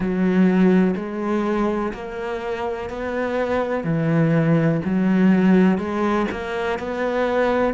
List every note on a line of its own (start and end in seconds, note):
0.00 0.95 F#3
0.96 1.93 G#3
1.93 2.89 A#3
2.89 3.84 B3
3.84 4.80 E3
4.84 5.78 F#3
5.78 6.26 G#3
6.31 6.78 A#3
6.78 7.73 B3